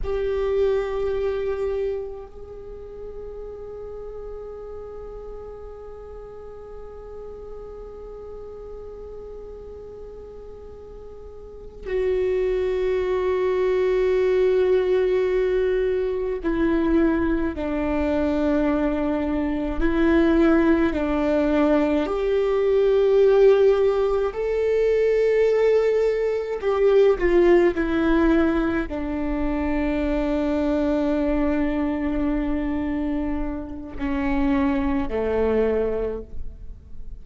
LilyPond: \new Staff \with { instrumentName = "viola" } { \time 4/4 \tempo 4 = 53 g'2 gis'2~ | gis'1~ | gis'2~ gis'8 fis'4.~ | fis'2~ fis'8 e'4 d'8~ |
d'4. e'4 d'4 g'8~ | g'4. a'2 g'8 | f'8 e'4 d'2~ d'8~ | d'2 cis'4 a4 | }